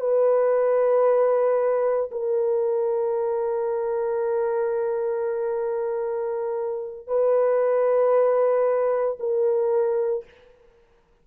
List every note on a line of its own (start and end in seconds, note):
0.00 2.11 B4
2.11 7.07 A#4
7.07 9.18 B4
9.20 10.25 A#4